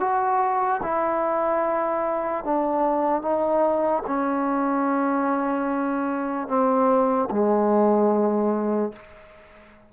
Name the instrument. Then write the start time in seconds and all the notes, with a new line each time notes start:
trombone
0.00 F#4
0.83 E4
2.44 D4
3.22 D#4
4.07 C#4
6.48 C4
7.31 G#3